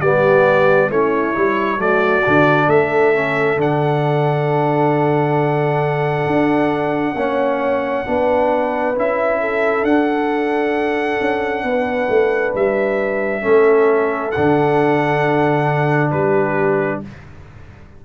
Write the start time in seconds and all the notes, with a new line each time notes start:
0.00 G3 B3 G4 D5
0.90 A3 C#4 E4 C#5
1.35 G3 E4
1.77 F#3 A3 F#4 D5
2.25 D3 D4
2.66 A3 A4 E5
3.14 C#4
3.57 D3 D4 F#5
6.27 D4
7.15 A#3 C#4 C#5
8.06 B3 D4 B4
8.96 C#4 E4 E5
9.41 A4
9.84 D4 F#5
11.21 C#4
11.64 B3 B4
12.09 A3
12.55 G3 E5
13.42 A3 C#4 A4
14.32 D3 D4 F#5
16.11 G3 G4 B4